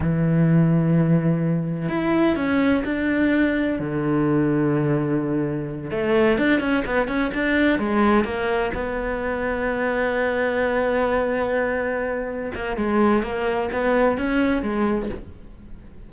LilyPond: \new Staff \with { instrumentName = "cello" } { \time 4/4 \tempo 4 = 127 e1 | e'4 cis'4 d'2 | d1~ | d8 a4 d'8 cis'8 b8 cis'8 d'8~ |
d'8 gis4 ais4 b4.~ | b1~ | b2~ b8 ais8 gis4 | ais4 b4 cis'4 gis4 | }